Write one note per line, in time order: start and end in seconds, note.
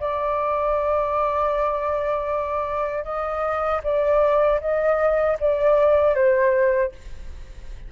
0.00 3.04 D5
3.04 3.81 D#5
3.83 4.60 D5
4.60 5.37 D#5
5.40 6.15 D5
6.15 6.92 C5